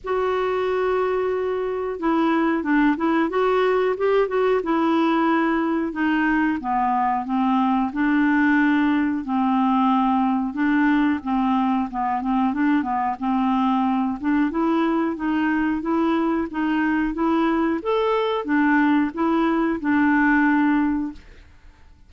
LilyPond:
\new Staff \with { instrumentName = "clarinet" } { \time 4/4 \tempo 4 = 91 fis'2. e'4 | d'8 e'8 fis'4 g'8 fis'8 e'4~ | e'4 dis'4 b4 c'4 | d'2 c'2 |
d'4 c'4 b8 c'8 d'8 b8 | c'4. d'8 e'4 dis'4 | e'4 dis'4 e'4 a'4 | d'4 e'4 d'2 | }